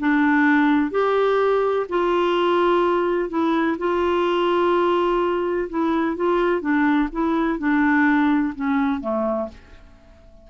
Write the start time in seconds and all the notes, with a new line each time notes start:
0.00 D4
0.92 G4
1.89 F4
3.30 E4
3.79 F4
5.70 E4
6.16 F4
6.61 D4
7.12 E4
7.59 D4
8.56 C#4
9.01 A3